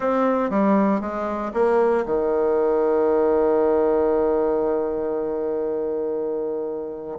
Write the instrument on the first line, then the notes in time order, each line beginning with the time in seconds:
bassoon
0.00 C4
0.50 G3
1.00 G#3
1.53 A#3
2.05 D#3